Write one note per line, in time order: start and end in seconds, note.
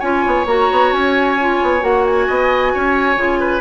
0.00 0.25 C#4
0.00 0.47 F4
0.00 2.26 C#5
0.00 0.45 G#5
0.26 0.46 B3
0.46 0.68 A#3
0.46 1.38 F#4
0.46 0.93 A#5
0.72 0.92 B3
0.92 1.60 C#4
0.92 1.83 G#5
1.40 1.81 F4
1.62 1.83 B3
1.81 2.28 A#3
1.81 3.16 F#4
1.81 2.06 F#5
2.06 3.61 G#5
2.28 2.75 B3
2.28 2.73 D#5
2.74 3.16 C#4
2.74 3.40 C#5
3.16 3.61 C#3
3.16 3.61 F4
3.40 3.61 B4